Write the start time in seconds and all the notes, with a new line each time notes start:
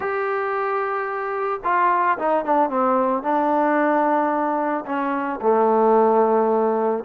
0.00 G4
1.64 F4
2.18 D#4
2.44 D4
2.69 C4
3.22 D4
4.85 C#4
5.41 A3